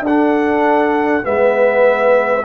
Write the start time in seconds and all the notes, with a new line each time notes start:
0.00 D4 A4
0.06 D4 F#5
1.23 G#3 B3 B4 E5